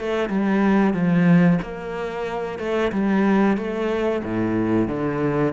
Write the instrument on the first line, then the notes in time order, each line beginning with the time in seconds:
cello
0.00 A3
0.30 G3
0.94 F3
1.62 A#3
2.59 A3
2.92 G3
3.58 A3
4.24 A2
4.88 D3